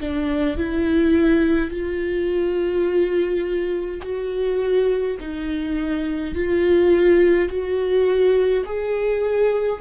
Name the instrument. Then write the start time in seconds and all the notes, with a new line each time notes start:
viola
0.00 D4
0.57 E4
1.70 F4
4.02 F#4
5.20 D#4
6.35 F4
7.48 F#4
8.65 G#4